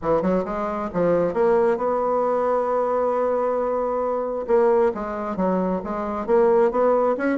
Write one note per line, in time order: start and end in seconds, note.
0.01 0.21 E3
0.21 0.44 F#3
0.44 0.89 G#3
0.93 1.33 F3
1.33 1.77 A#3
1.77 4.46 B3
4.47 4.92 A#3
4.94 5.36 G#3
5.36 5.81 F#3
5.84 6.26 G#3
6.26 6.71 A#3
6.71 7.16 B3
7.17 7.38 C#4